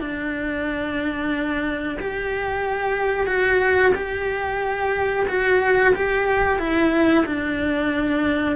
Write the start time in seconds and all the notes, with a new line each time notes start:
0.00 D4
2.00 G4
3.27 F#4
3.95 G4
5.28 F#4
5.95 G4
6.58 E4
7.26 D4